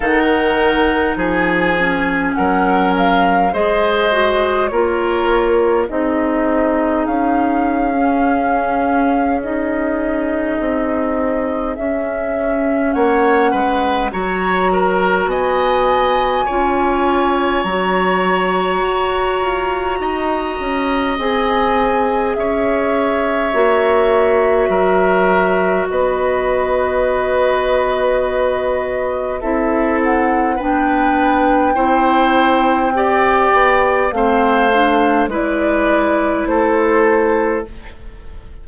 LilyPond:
<<
  \new Staff \with { instrumentName = "flute" } { \time 4/4 \tempo 4 = 51 fis''4 gis''4 fis''8 f''8 dis''4 | cis''4 dis''4 f''2 | dis''2 e''4 fis''4 | ais''4 gis''2 ais''4~ |
ais''2 gis''4 e''4~ | e''2 dis''2~ | dis''4 e''8 fis''8 g''2~ | g''4 f''4 d''4 c''4 | }
  \new Staff \with { instrumentName = "oboe" } { \time 4/4 ais'4 gis'4 ais'4 c''4 | ais'4 gis'2.~ | gis'2. cis''8 b'8 | cis''8 ais'8 dis''4 cis''2~ |
cis''4 dis''2 cis''4~ | cis''4 ais'4 b'2~ | b'4 a'4 b'4 c''4 | d''4 c''4 b'4 a'4 | }
  \new Staff \with { instrumentName = "clarinet" } { \time 4/4 dis'4. cis'4. gis'8 fis'8 | f'4 dis'4.~ dis'16 cis'4~ cis'16 | dis'2 cis'2 | fis'2 f'4 fis'4~ |
fis'2 gis'2 | fis'1~ | fis'4 e'4 d'4 e'4 | g'4 c'8 d'8 e'2 | }
  \new Staff \with { instrumentName = "bassoon" } { \time 4/4 dis4 f4 fis4 gis4 | ais4 c'4 cis'2~ | cis'4 c'4 cis'4 ais8 gis8 | fis4 b4 cis'4 fis4 |
fis'8 f'8 dis'8 cis'8 c'4 cis'4 | ais4 fis4 b2~ | b4 c'4 b4 c'4~ | c'8 b8 a4 gis4 a4 | }
>>